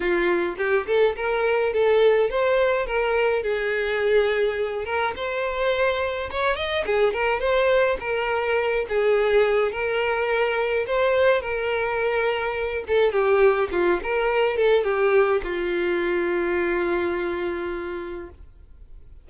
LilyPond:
\new Staff \with { instrumentName = "violin" } { \time 4/4 \tempo 4 = 105 f'4 g'8 a'8 ais'4 a'4 | c''4 ais'4 gis'2~ | gis'8 ais'8 c''2 cis''8 dis''8 | gis'8 ais'8 c''4 ais'4. gis'8~ |
gis'4 ais'2 c''4 | ais'2~ ais'8 a'8 g'4 | f'8 ais'4 a'8 g'4 f'4~ | f'1 | }